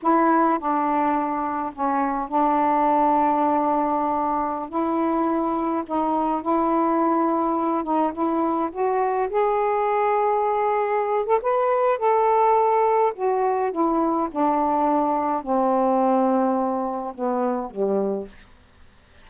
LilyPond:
\new Staff \with { instrumentName = "saxophone" } { \time 4/4 \tempo 4 = 105 e'4 d'2 cis'4 | d'1~ | d'16 e'2 dis'4 e'8.~ | e'4.~ e'16 dis'8 e'4 fis'8.~ |
fis'16 gis'2.~ gis'8 a'16 | b'4 a'2 fis'4 | e'4 d'2 c'4~ | c'2 b4 g4 | }